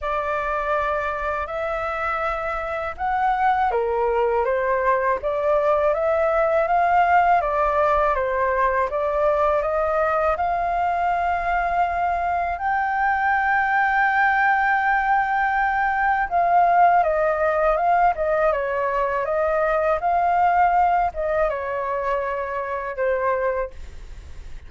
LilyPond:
\new Staff \with { instrumentName = "flute" } { \time 4/4 \tempo 4 = 81 d''2 e''2 | fis''4 ais'4 c''4 d''4 | e''4 f''4 d''4 c''4 | d''4 dis''4 f''2~ |
f''4 g''2.~ | g''2 f''4 dis''4 | f''8 dis''8 cis''4 dis''4 f''4~ | f''8 dis''8 cis''2 c''4 | }